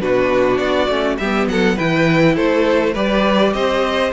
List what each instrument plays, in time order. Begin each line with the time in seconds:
0.00 cello B2, viola D4, violin F#4 B4
0.57 cello B3, violin D5
0.88 cello A3, viola C#4
1.17 cello G3, viola B3, violin G4 E5
1.47 cello F#3, violin A4 F#5
1.76 cello E3, viola E4, violin B4 G5
2.35 cello A3, violin A4 C5
2.93 cello G3, viola G4, violin B4 D5
3.53 cello C4, violin C5 D#5